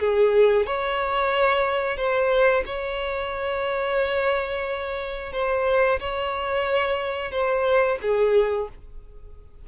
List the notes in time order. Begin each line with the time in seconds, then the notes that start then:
0.00 G#4
0.66 C#5
1.97 C5
2.66 C#5
5.32 C5
6.00 C#5
7.32 C5
8.02 G#4